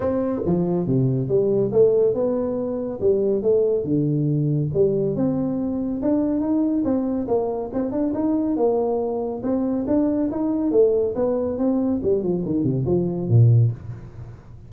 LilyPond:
\new Staff \with { instrumentName = "tuba" } { \time 4/4 \tempo 4 = 140 c'4 f4 c4 g4 | a4 b2 g4 | a4 d2 g4 | c'2 d'4 dis'4 |
c'4 ais4 c'8 d'8 dis'4 | ais2 c'4 d'4 | dis'4 a4 b4 c'4 | g8 f8 dis8 c8 f4 ais,4 | }